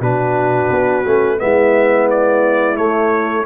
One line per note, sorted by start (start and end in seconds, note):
0.00 0.69 B2
0.00 1.05 D4
0.00 1.38 F#4
0.00 1.39 B4
0.70 1.05 B3
1.06 1.41 A3
1.06 1.38 C#4
1.38 2.78 G#3
1.38 2.76 B3
1.38 3.46 E4
1.38 2.08 E5
2.10 2.76 D5
2.76 3.45 A3
2.76 3.46 A3
2.76 3.45 C#5